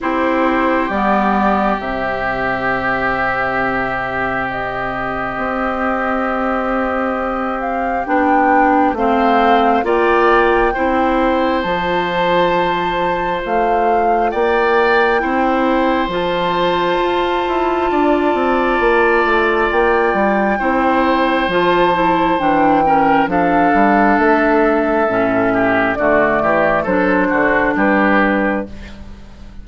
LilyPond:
<<
  \new Staff \with { instrumentName = "flute" } { \time 4/4 \tempo 4 = 67 c''4 d''4 e''2~ | e''4 dis''2.~ | dis''8 f''8 g''4 f''4 g''4~ | g''4 a''2 f''4 |
g''2 a''2~ | a''2 g''2 | a''4 g''4 f''4 e''4~ | e''4 d''4 c''4 b'4 | }
  \new Staff \with { instrumentName = "oboe" } { \time 4/4 g'1~ | g'1~ | g'2 c''4 d''4 | c''1 |
d''4 c''2. | d''2. c''4~ | c''4. ais'8 a'2~ | a'8 g'8 fis'8 g'8 a'8 fis'8 g'4 | }
  \new Staff \with { instrumentName = "clarinet" } { \time 4/4 e'4 b4 c'2~ | c'1~ | c'4 d'4 c'4 f'4 | e'4 f'2.~ |
f'4 e'4 f'2~ | f'2. e'4 | f'8 e'8 d'8 cis'8 d'2 | cis'4 a4 d'2 | }
  \new Staff \with { instrumentName = "bassoon" } { \time 4/4 c'4 g4 c2~ | c2 c'2~ | c'4 b4 a4 ais4 | c'4 f2 a4 |
ais4 c'4 f4 f'8 e'8 | d'8 c'8 ais8 a8 ais8 g8 c'4 | f4 e4 f8 g8 a4 | a,4 d8 e8 fis8 d8 g4 | }
>>